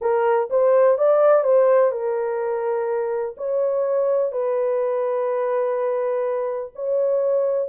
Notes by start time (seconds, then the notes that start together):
0.01 A#4
0.49 C5
0.97 D5
1.43 C5
1.91 A#4
3.37 C#5
4.32 B4
6.75 C#5